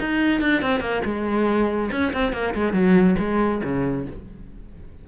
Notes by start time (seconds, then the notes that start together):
0.00 D#4
0.41 D4
0.62 C4
0.81 A#3
1.05 G#3
1.92 C#4
2.13 C4
2.33 A#3
2.55 G#3
2.74 F#3
3.19 G#3
3.64 C#3